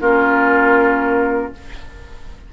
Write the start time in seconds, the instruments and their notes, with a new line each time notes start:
0.00 bassoon A#3, clarinet C#4, oboe F4, flute A#4